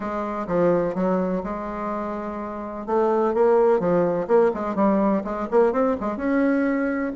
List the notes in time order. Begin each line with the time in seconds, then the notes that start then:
0.00 G#3
0.47 F3
0.94 F#3
1.43 G#3
2.86 A3
3.34 A#3
3.79 F3
4.27 A#3
4.53 G#3
4.75 G3
5.23 G#3
5.50 A#3
5.72 C4
6.00 G#3
6.17 C#4